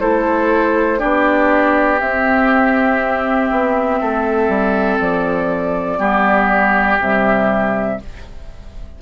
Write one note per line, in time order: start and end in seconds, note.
0.00 1.01 A3
0.00 0.98 E4
0.00 0.99 A4
0.00 1.00 C5
0.98 2.01 B3
0.98 1.98 D4
0.98 3.99 G4
0.98 2.00 D5
2.00 3.51 C4
2.00 5.98 C4
2.00 5.00 E5
3.51 4.01 B3
4.01 4.48 A3
4.01 5.99 A4
4.48 4.98 G3
5.00 5.99 F3
5.00 7.00 D5
5.98 6.99 G3
5.98 6.98 B3
5.98 7.99 G4
6.99 7.99 C3
6.99 8.00 G3
6.99 8.01 E5